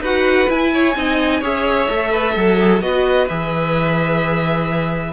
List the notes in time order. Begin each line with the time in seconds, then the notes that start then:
0.00 D#4 F#4 B4 F#5
0.48 E4 G#5
0.73 C#5
0.95 C4 D#4 D#5
1.40 C#4 G#4 C#5 E5
1.89 A3 A4
2.11 B4
2.36 F#3 A4
2.60 G#4
2.81 B3 F#4 B4 D#5
3.28 E3 G#4 E5